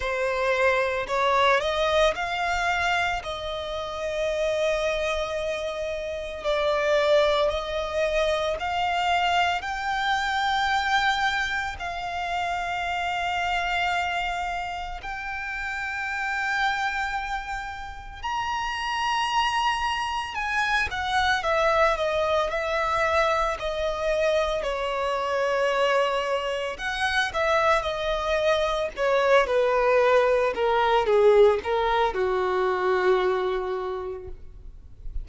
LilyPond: \new Staff \with { instrumentName = "violin" } { \time 4/4 \tempo 4 = 56 c''4 cis''8 dis''8 f''4 dis''4~ | dis''2 d''4 dis''4 | f''4 g''2 f''4~ | f''2 g''2~ |
g''4 ais''2 gis''8 fis''8 | e''8 dis''8 e''4 dis''4 cis''4~ | cis''4 fis''8 e''8 dis''4 cis''8 b'8~ | b'8 ais'8 gis'8 ais'8 fis'2 | }